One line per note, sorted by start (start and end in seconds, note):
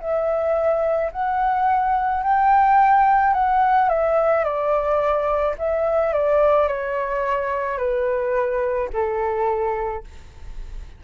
0.00 1.11 E5
1.12 2.23 F#5
2.23 3.34 G5
3.34 3.89 F#5
3.89 4.44 E5
4.44 5.55 D5
5.58 6.13 E5
6.13 6.68 D5
6.68 7.78 C#5
7.78 8.89 B4
8.93 10.04 A4